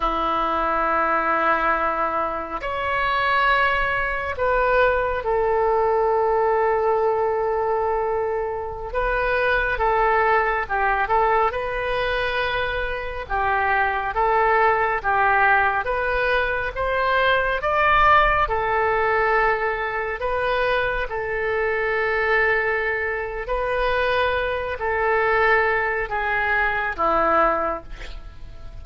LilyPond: \new Staff \with { instrumentName = "oboe" } { \time 4/4 \tempo 4 = 69 e'2. cis''4~ | cis''4 b'4 a'2~ | a'2~ a'16 b'4 a'8.~ | a'16 g'8 a'8 b'2 g'8.~ |
g'16 a'4 g'4 b'4 c''8.~ | c''16 d''4 a'2 b'8.~ | b'16 a'2~ a'8. b'4~ | b'8 a'4. gis'4 e'4 | }